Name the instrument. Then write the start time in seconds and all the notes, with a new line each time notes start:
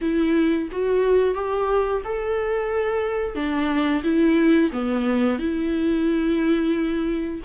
viola
0.01 E4
0.71 F#4
1.34 G4
2.04 A4
3.35 D4
4.03 E4
4.72 B3
5.38 E4